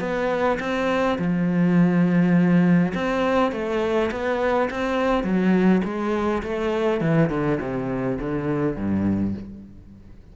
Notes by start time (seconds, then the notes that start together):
0.00 B3
0.60 C4
1.18 F3
2.94 C4
3.52 A3
4.11 B3
4.70 C4
5.23 F#3
5.84 G#3
6.43 A3
7.01 E3
7.29 D3
7.60 C3
8.20 D3
8.76 G2